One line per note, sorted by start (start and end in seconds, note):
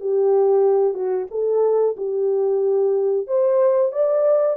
0.00 0.94 G4
0.94 1.27 F#4
1.31 1.96 A4
1.97 3.27 G4
3.27 3.92 C5
3.92 4.56 D5